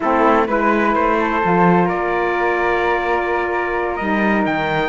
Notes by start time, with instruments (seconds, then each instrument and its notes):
0.00 cello A3, saxophone C4, flute E4, trumpet A4
0.46 cello G#3, saxophone E4, flute B4, trumpet B4
0.95 cello A3, trumpet C5
1.19 flute A4
1.41 cello F3, saxophone F4
1.85 cello A#3, flute A#4, trumpet D5
3.96 cello G3, saxophone D#4, trumpet D#5
4.45 cello D#3, trumpet G5